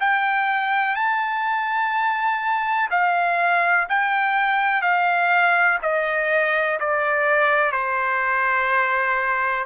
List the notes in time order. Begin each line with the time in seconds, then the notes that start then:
0.00 G5
0.95 A5
2.90 F5
3.89 G5
4.81 F5
5.82 D#5
6.79 D5
7.72 C5